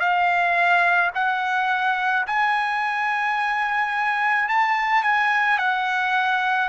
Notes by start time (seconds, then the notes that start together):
0.00 F5
1.15 F#5
2.26 G#5
4.48 A5
5.03 G#5
5.58 F#5